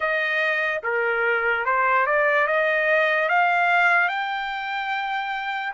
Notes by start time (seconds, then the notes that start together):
0.00 D#5
0.83 A#4
1.65 C5
2.06 D5
2.47 D#5
3.28 F5
4.08 G5